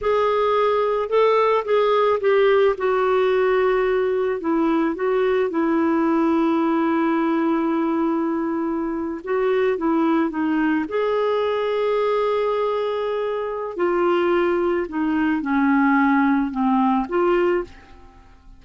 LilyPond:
\new Staff \with { instrumentName = "clarinet" } { \time 4/4 \tempo 4 = 109 gis'2 a'4 gis'4 | g'4 fis'2. | e'4 fis'4 e'2~ | e'1~ |
e'8. fis'4 e'4 dis'4 gis'16~ | gis'1~ | gis'4 f'2 dis'4 | cis'2 c'4 f'4 | }